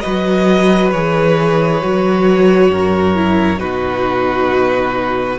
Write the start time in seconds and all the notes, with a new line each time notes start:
0.00 F#3 F#4 B4 D#5
0.91 E3 G#4 C#5
1.82 F#3 F#4
2.70 F#2 A#4
3.15 E4
3.56 B2 D#4 F#4 B4